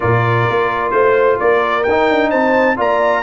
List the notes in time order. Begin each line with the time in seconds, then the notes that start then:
0.00 A#2 F4 A#4 D5
0.49 A#3
0.90 A3 C5
1.39 A#3 A#4 D5
1.83 D#4 G5
1.89 D#4
2.09 D4
2.30 C4 C5 A5
2.76 A#3 F4 D5 A#5